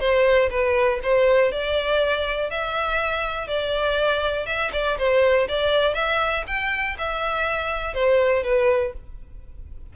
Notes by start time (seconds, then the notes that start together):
0.00 C5
0.50 B4
1.03 C5
1.52 D5
2.50 E5
3.48 D5
4.46 E5
4.73 D5
4.98 C5
5.48 D5
5.94 E5
6.47 G5
6.98 E5
7.94 C5
8.44 B4